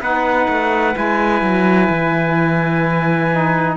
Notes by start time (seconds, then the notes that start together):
0.00 B3 D#4 B4 F#5
0.48 A3
0.94 G#3 E4 G#5
1.42 F#3
1.90 E3
3.32 D#4